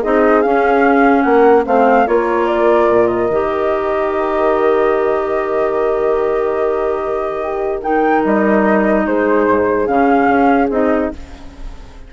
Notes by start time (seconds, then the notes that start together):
0.00 C4 D#4 G#4 D#5
0.42 C#4 F5
1.22 A#3 A#4 F#5
1.66 A3 C4 C5 F5
2.07 A#3 F4 A#4 C#5
2.47 D5
2.90 A#2
3.08 D#5
3.30 D#3 G4
7.42 G4
7.82 D#4 A#4 G5
8.25 G3 D#5
9.07 G#3 G#4 C5
9.47 G#2
9.87 C#3 C#4 F5
10.29 C#4
10.70 C4 D#4 D#5